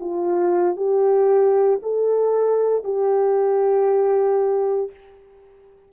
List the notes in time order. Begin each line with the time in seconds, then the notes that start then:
0.00 F4
0.76 G4
1.82 A4
2.84 G4